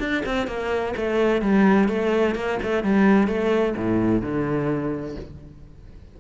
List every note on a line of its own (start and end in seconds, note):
0.00 0.23 D4
0.26 0.48 C4
0.48 0.94 A#3
0.97 1.42 A3
1.42 1.89 G3
1.89 2.36 A3
2.36 2.59 A#3
2.63 2.84 A3
2.84 3.28 G3
3.28 3.75 A3
3.77 4.22 A2
4.22 5.16 D3